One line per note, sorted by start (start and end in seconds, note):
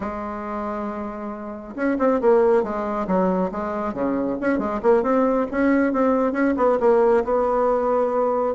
0.00 1.74 G#3
1.75 1.97 C#4
1.98 2.20 C4
2.21 2.63 A#3
2.63 3.07 G#3
3.07 3.50 F#3
3.51 3.93 G#3
3.93 4.37 C#3
4.40 4.58 C#4
4.58 4.80 G#3
4.82 5.02 A#3
5.02 5.46 C4
5.51 5.92 C#4
5.92 6.32 C4
6.32 6.54 C#4
6.57 6.78 B3
6.80 7.23 A#3
7.24 8.54 B3